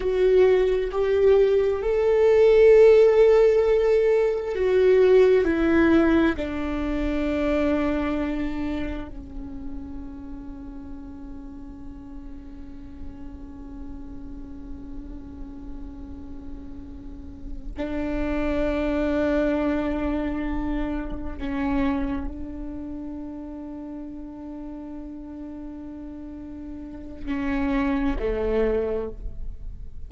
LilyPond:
\new Staff \with { instrumentName = "viola" } { \time 4/4 \tempo 4 = 66 fis'4 g'4 a'2~ | a'4 fis'4 e'4 d'4~ | d'2 cis'2~ | cis'1~ |
cis'2.~ cis'8 d'8~ | d'2.~ d'8 cis'8~ | cis'8 d'2.~ d'8~ | d'2 cis'4 a4 | }